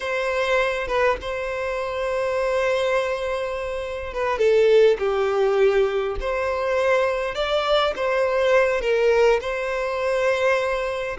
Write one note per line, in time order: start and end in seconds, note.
0.00 0.87 C5
0.87 1.16 B4
1.21 4.13 C5
4.13 4.38 B4
4.38 4.97 A4
4.98 6.16 G4
6.20 7.34 C5
7.34 7.93 D5
7.95 8.81 C5
8.81 9.40 A#4
9.41 11.17 C5